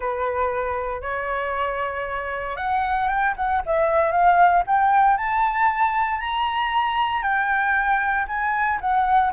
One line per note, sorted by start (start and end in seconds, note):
0.00 1.01 B4
1.01 2.56 C#5
2.56 3.08 F#5
3.08 3.34 G5
3.36 3.62 F#5
3.65 4.11 E5
4.11 4.63 F5
4.66 5.17 G5
5.17 6.20 A5
6.20 7.22 A#5
7.22 8.25 G5
8.27 8.79 G#5
8.80 9.32 F#5